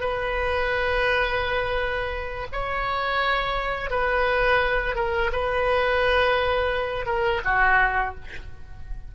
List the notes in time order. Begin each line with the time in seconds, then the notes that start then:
0.00 B4
2.52 C#5
3.90 B4
4.95 A#4
5.32 B4
7.06 A#4
7.44 F#4